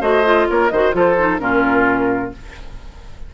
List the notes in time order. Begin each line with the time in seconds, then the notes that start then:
0.00 A3 F#4 C5 D#5
0.24 F4
0.49 A#3 A#4 C#5
0.69 D#3 F#4 C5 D#5
0.92 F3 F4 A4 C5
1.18 D#4
1.39 A#2 C#4 F4 A#4